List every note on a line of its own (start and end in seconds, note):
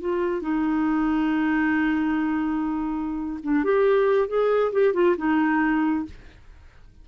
0.00 0.42 F4
0.42 3.39 D#4
3.43 3.64 D4
3.64 4.28 G4
4.28 4.72 G#4
4.72 4.94 G4
4.94 5.16 F4
5.17 6.05 D#4